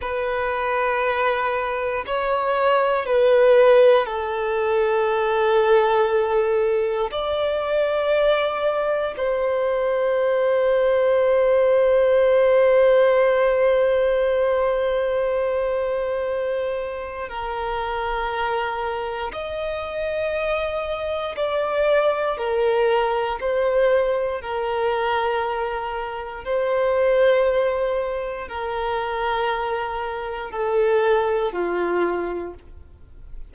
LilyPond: \new Staff \with { instrumentName = "violin" } { \time 4/4 \tempo 4 = 59 b'2 cis''4 b'4 | a'2. d''4~ | d''4 c''2.~ | c''1~ |
c''4 ais'2 dis''4~ | dis''4 d''4 ais'4 c''4 | ais'2 c''2 | ais'2 a'4 f'4 | }